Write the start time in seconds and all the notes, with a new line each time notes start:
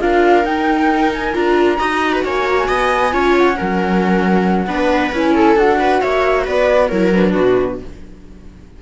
0.00 D4 F4 A#4 F5
0.44 D#4 G5
1.13 G#5
1.33 D4 F4 A#5
1.78 D#4 F#4 D#5
2.13 B4
2.24 A#3 C#5 G#5
2.50 A#5
2.58 G#5
2.68 B3 D#5
3.12 C#4 F4 C#5
3.37 F#5
3.55 C#4 A#4
3.61 F#3
4.67 B3 D4 B4
5.12 C#4 E4 G#5
5.34 A4
5.56 D4 F#4 F#5
5.79 B4
6.01 A#3 C#5 E5
6.45 B3 B4 D5
6.88 F#3 E4 A#4 C#5
7.13 D4 B4
7.33 B2 F#4